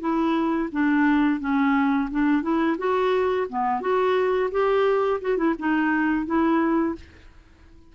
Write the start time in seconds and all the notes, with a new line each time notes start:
0.00 E4
0.72 D4
1.40 C#4
2.10 D4
2.42 E4
2.78 F#4
3.49 B3
3.81 F#4
4.51 G4
5.21 F#4
5.37 E4
5.59 D#4
6.26 E4